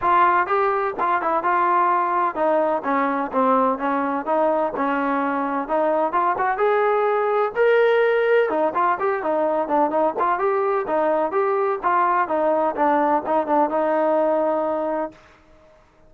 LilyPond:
\new Staff \with { instrumentName = "trombone" } { \time 4/4 \tempo 4 = 127 f'4 g'4 f'8 e'8 f'4~ | f'4 dis'4 cis'4 c'4 | cis'4 dis'4 cis'2 | dis'4 f'8 fis'8 gis'2 |
ais'2 dis'8 f'8 g'8 dis'8~ | dis'8 d'8 dis'8 f'8 g'4 dis'4 | g'4 f'4 dis'4 d'4 | dis'8 d'8 dis'2. | }